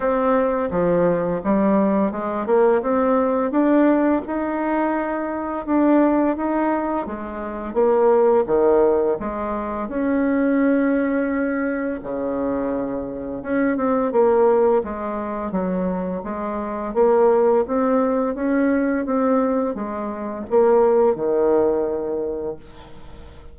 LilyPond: \new Staff \with { instrumentName = "bassoon" } { \time 4/4 \tempo 4 = 85 c'4 f4 g4 gis8 ais8 | c'4 d'4 dis'2 | d'4 dis'4 gis4 ais4 | dis4 gis4 cis'2~ |
cis'4 cis2 cis'8 c'8 | ais4 gis4 fis4 gis4 | ais4 c'4 cis'4 c'4 | gis4 ais4 dis2 | }